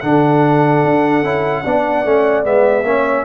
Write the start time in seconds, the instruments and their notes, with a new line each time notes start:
0.00 tuba D3, trombone D4, horn A4, trumpet F#5
0.84 tuba D4
1.23 tuba C#4, trombone E4
1.63 tuba B3, trombone D4, horn D5
2.05 tuba A3, trombone C#4
2.43 tuba G#3, trombone B3, trumpet E5
2.83 tuba A#3, trombone C#4, horn C#5